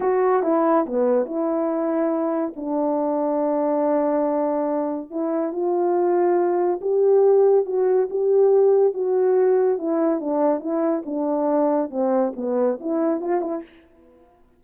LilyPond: \new Staff \with { instrumentName = "horn" } { \time 4/4 \tempo 4 = 141 fis'4 e'4 b4 e'4~ | e'2 d'2~ | d'1 | e'4 f'2. |
g'2 fis'4 g'4~ | g'4 fis'2 e'4 | d'4 e'4 d'2 | c'4 b4 e'4 f'8 e'8 | }